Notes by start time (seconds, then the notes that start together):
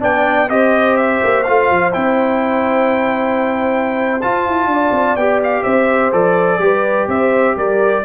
0.00 B3 D4 D5 G5
0.49 C4 G4 C5 D#5
0.96 E5
1.23 A#3
1.43 A3 F4 F5
1.70 F3
1.93 C4 E4 G5
4.21 F4 A5
4.46 E4
4.66 D4
4.73 D5
4.91 C4
5.15 B3 G4 G5
5.43 F5
5.63 C4 C5 E5
6.12 F3 A4 D5
6.58 G3 G4 B4
7.08 C4 C5 E5
7.56 G3 A#4 D5